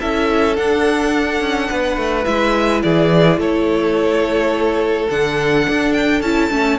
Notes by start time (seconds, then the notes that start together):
0.00 C#4 E4 A4 E5
0.56 D4 F#5
1.41 C#4
1.70 B3 B4
1.97 A3
2.25 G#3 E4 E5
2.83 E3 G#4 D5
3.38 A3 A4 C#5
5.10 D3 D4 F#5
5.70 D4
5.93 G5
6.22 C#4 E4 A5
6.51 A3 C#4